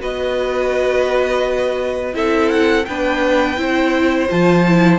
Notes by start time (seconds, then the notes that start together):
0.00 B3 F#4 B4 D#5
2.13 C4 E4 A4 E5
2.50 F#5
2.85 B3 D4 B4 G5
3.57 C4 E4 C5
4.29 F3 F4 A5
4.68 E4